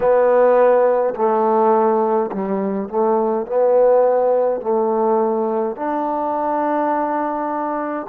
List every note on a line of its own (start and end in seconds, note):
0.00 1.14 B3
1.15 2.31 A3
2.32 2.88 G3
2.88 3.46 A3
3.46 4.60 B3
4.60 5.75 A3
5.75 8.06 D4